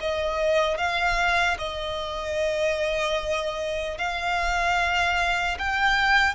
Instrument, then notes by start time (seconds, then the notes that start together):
violin
0.00 D#5
0.77 F5
1.58 D#5
3.97 F5
5.58 G5